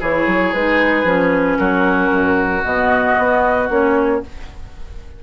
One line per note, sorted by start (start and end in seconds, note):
0.00 0.26 E3
0.00 0.55 E4
0.00 1.58 G#4
0.00 0.53 C#5
0.26 0.53 F#3
0.53 1.04 G#3
0.53 1.06 D#4
0.53 1.57 B4
1.04 1.57 F3
1.04 2.63 C#4
1.57 2.11 F#3
1.57 4.22 F#4
1.57 2.62 A#4
2.11 2.63 F#2
2.64 3.17 B2
2.64 3.69 B3
2.64 3.69 D#5
3.17 3.69 B3
3.69 4.22 A#3
3.69 4.22 C#4
3.69 4.23 C#5